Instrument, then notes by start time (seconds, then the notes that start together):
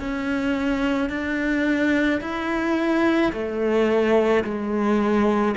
cello
0.00 C#4
1.10 D4
2.21 E4
3.33 A3
4.44 G#3